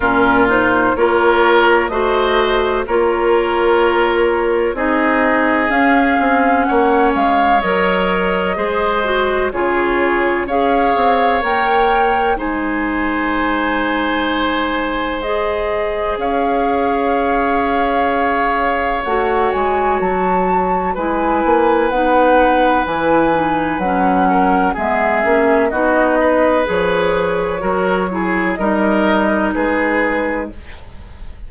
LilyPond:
<<
  \new Staff \with { instrumentName = "flute" } { \time 4/4 \tempo 4 = 63 ais'8 c''8 cis''4 dis''4 cis''4~ | cis''4 dis''4 f''4 fis''8 f''8 | dis''2 cis''4 f''4 | g''4 gis''2. |
dis''4 f''2. | fis''8 gis''8 a''4 gis''4 fis''4 | gis''4 fis''4 e''4 dis''4 | cis''2 dis''4 b'4 | }
  \new Staff \with { instrumentName = "oboe" } { \time 4/4 f'4 ais'4 c''4 ais'4~ | ais'4 gis'2 cis''4~ | cis''4 c''4 gis'4 cis''4~ | cis''4 c''2.~ |
c''4 cis''2.~ | cis''2 b'2~ | b'4. ais'8 gis'4 fis'8 b'8~ | b'4 ais'8 gis'8 ais'4 gis'4 | }
  \new Staff \with { instrumentName = "clarinet" } { \time 4/4 cis'8 dis'8 f'4 fis'4 f'4~ | f'4 dis'4 cis'2 | ais'4 gis'8 fis'8 f'4 gis'4 | ais'4 dis'2. |
gis'1 | fis'2 e'4 dis'4 | e'8 dis'8 cis'4 b8 cis'8 dis'4 | gis'4 fis'8 e'8 dis'2 | }
  \new Staff \with { instrumentName = "bassoon" } { \time 4/4 ais,4 ais4 a4 ais4~ | ais4 c'4 cis'8 c'8 ais8 gis8 | fis4 gis4 cis4 cis'8 c'8 | ais4 gis2.~ |
gis4 cis'2. | a8 gis8 fis4 gis8 ais8 b4 | e4 fis4 gis8 ais8 b4 | f4 fis4 g4 gis4 | }
>>